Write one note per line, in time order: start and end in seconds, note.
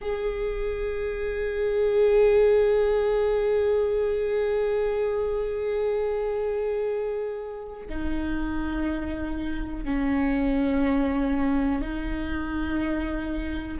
0.00 7.87 G#4
7.89 9.84 D#4
9.84 11.81 C#4
11.81 13.77 D#4